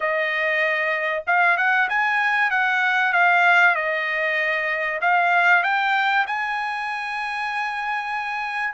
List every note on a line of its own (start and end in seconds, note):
0.00 1.23 D#5
1.26 1.57 F5
1.57 1.88 F#5
1.89 2.50 G#5
2.50 3.12 F#5
3.12 3.75 F5
3.75 5.00 D#5
5.01 5.63 F5
5.63 6.25 G5
6.26 8.73 G#5